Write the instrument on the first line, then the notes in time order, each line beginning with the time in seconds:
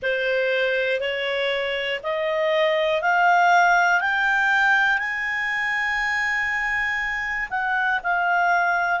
clarinet
0.02 C5
1.00 C#5
2.03 D#5
3.01 F5
4.00 G5
4.98 G#5
7.50 F#5
8.03 F5